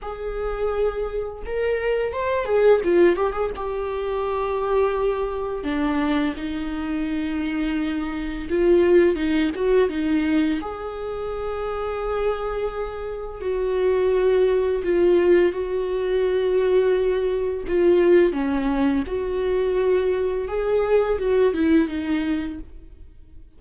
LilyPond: \new Staff \with { instrumentName = "viola" } { \time 4/4 \tempo 4 = 85 gis'2 ais'4 c''8 gis'8 | f'8 g'16 gis'16 g'2. | d'4 dis'2. | f'4 dis'8 fis'8 dis'4 gis'4~ |
gis'2. fis'4~ | fis'4 f'4 fis'2~ | fis'4 f'4 cis'4 fis'4~ | fis'4 gis'4 fis'8 e'8 dis'4 | }